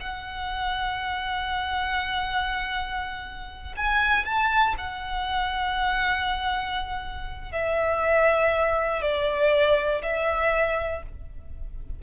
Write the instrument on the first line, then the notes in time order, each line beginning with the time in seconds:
violin
0.00 F#5
3.77 G#5
4.25 A5
4.78 F#5
7.52 E5
9.02 D5
10.03 E5